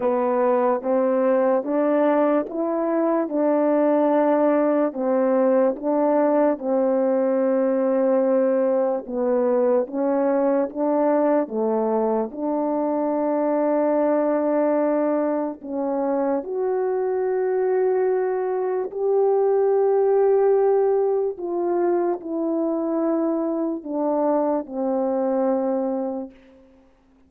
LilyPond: \new Staff \with { instrumentName = "horn" } { \time 4/4 \tempo 4 = 73 b4 c'4 d'4 e'4 | d'2 c'4 d'4 | c'2. b4 | cis'4 d'4 a4 d'4~ |
d'2. cis'4 | fis'2. g'4~ | g'2 f'4 e'4~ | e'4 d'4 c'2 | }